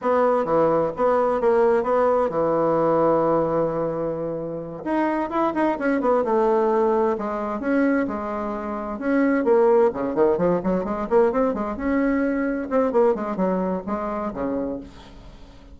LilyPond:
\new Staff \with { instrumentName = "bassoon" } { \time 4/4 \tempo 4 = 130 b4 e4 b4 ais4 | b4 e2.~ | e2~ e8 dis'4 e'8 | dis'8 cis'8 b8 a2 gis8~ |
gis8 cis'4 gis2 cis'8~ | cis'8 ais4 cis8 dis8 f8 fis8 gis8 | ais8 c'8 gis8 cis'2 c'8 | ais8 gis8 fis4 gis4 cis4 | }